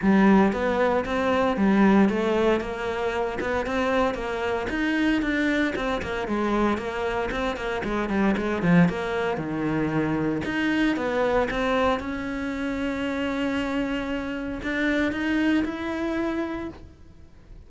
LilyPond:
\new Staff \with { instrumentName = "cello" } { \time 4/4 \tempo 4 = 115 g4 b4 c'4 g4 | a4 ais4. b8 c'4 | ais4 dis'4 d'4 c'8 ais8 | gis4 ais4 c'8 ais8 gis8 g8 |
gis8 f8 ais4 dis2 | dis'4 b4 c'4 cis'4~ | cis'1 | d'4 dis'4 e'2 | }